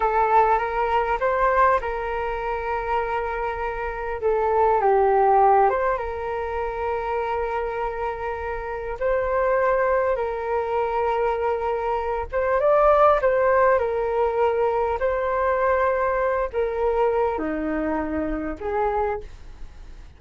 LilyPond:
\new Staff \with { instrumentName = "flute" } { \time 4/4 \tempo 4 = 100 a'4 ais'4 c''4 ais'4~ | ais'2. a'4 | g'4. c''8 ais'2~ | ais'2. c''4~ |
c''4 ais'2.~ | ais'8 c''8 d''4 c''4 ais'4~ | ais'4 c''2~ c''8 ais'8~ | ais'4 dis'2 gis'4 | }